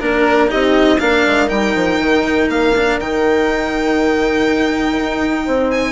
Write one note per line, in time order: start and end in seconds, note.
0.00 0.51 A#3
0.00 0.48 D4
0.00 0.50 A#4
0.00 0.49 A#4
0.48 1.01 C4
0.48 0.97 D#4
0.48 0.99 G4
0.48 0.99 D#5
0.99 1.26 A#3
0.99 1.47 D4
0.99 5.45 A#4
0.99 1.49 F5
1.27 1.50 G#3
1.47 1.75 G3
1.47 2.71 D#4
1.47 2.48 G5
1.75 1.99 F3
1.99 2.49 D#3
2.49 2.98 A#3
2.49 3.00 F5
2.76 3.01 D4
3.00 4.98 D#3
3.00 5.92 D#4
3.00 5.71 G5
4.98 5.47 D#4
5.45 5.92 C4
5.45 5.92 C5
5.71 5.92 G#5